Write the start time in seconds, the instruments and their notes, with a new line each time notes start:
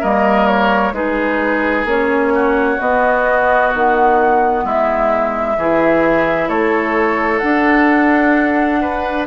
0.00 bassoon G3, clarinet A#3, oboe A#4, flute D#5
0.47 flute C#5
0.92 bassoon G#3, clarinet D#4, oboe G#4, flute B4
1.85 bassoon A#3, clarinet C#4, flute C#5
2.34 oboe F#4
2.79 clarinet B3, bassoon B3, flute D#5
3.74 bassoon D#3, flute F#5
4.64 bassoon G#3, oboe E4, flute E5
5.57 bassoon E3, clarinet E4, oboe G#4
6.48 bassoon A3, oboe A4, flute C#5
7.38 clarinet D4, bassoon D4, flute F#5
8.81 oboe B4